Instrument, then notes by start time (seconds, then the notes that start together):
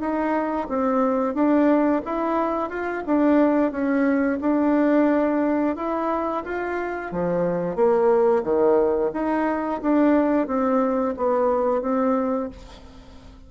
bassoon
0.00 D#4
0.69 C4
1.34 D4
2.05 E4
2.70 F4
3.06 D4
3.71 C#4
4.41 D4
5.76 E4
6.44 F4
7.12 F3
7.75 A#3
8.43 D#3
9.13 D#4
9.82 D4
10.47 C4
11.17 B3
11.82 C4